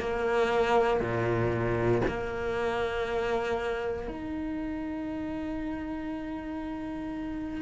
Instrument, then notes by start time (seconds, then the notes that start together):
cello
0.00 A#3
1.00 A#2
2.08 A#3
4.08 D#4